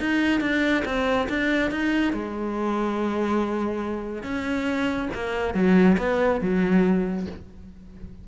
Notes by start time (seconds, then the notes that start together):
0.00 D#4
0.41 D4
0.85 C4
1.29 D4
1.71 D#4
2.13 G#3
4.23 C#4
5.14 A#3
5.54 F#3
5.98 B3
6.41 F#3